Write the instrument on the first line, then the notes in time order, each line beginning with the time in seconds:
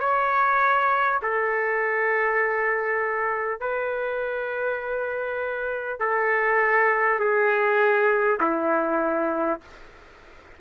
trumpet
0.00 C#5
1.23 A4
3.61 B4
5.99 A4
7.20 G#4
8.41 E4